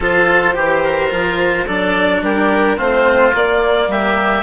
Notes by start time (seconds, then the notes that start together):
0.00 F3 F4 A4 C5
0.53 E3 G4
0.83 A#4
1.10 F3 F4
1.66 F#3 D4 A4 D5
2.22 G3 G4 A#4
2.76 A3 C4 F4 C5
3.33 A#3 D5
3.87 G3 G4 E5